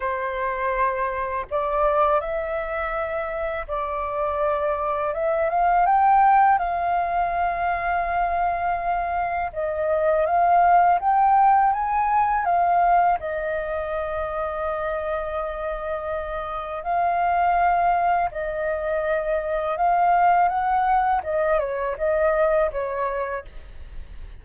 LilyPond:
\new Staff \with { instrumentName = "flute" } { \time 4/4 \tempo 4 = 82 c''2 d''4 e''4~ | e''4 d''2 e''8 f''8 | g''4 f''2.~ | f''4 dis''4 f''4 g''4 |
gis''4 f''4 dis''2~ | dis''2. f''4~ | f''4 dis''2 f''4 | fis''4 dis''8 cis''8 dis''4 cis''4 | }